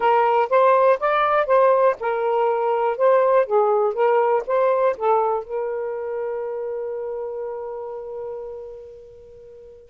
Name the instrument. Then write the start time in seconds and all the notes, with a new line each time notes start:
saxophone
0.00 A#4
0.49 C5
0.99 D5
1.46 C5
1.99 A#4
2.97 C5
3.46 G#4
3.93 A#4
4.46 C5
4.97 A4
5.44 A#4